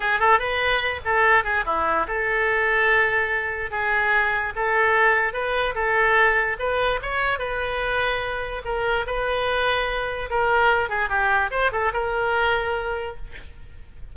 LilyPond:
\new Staff \with { instrumentName = "oboe" } { \time 4/4 \tempo 4 = 146 gis'8 a'8 b'4. a'4 gis'8 | e'4 a'2.~ | a'4 gis'2 a'4~ | a'4 b'4 a'2 |
b'4 cis''4 b'2~ | b'4 ais'4 b'2~ | b'4 ais'4. gis'8 g'4 | c''8 a'8 ais'2. | }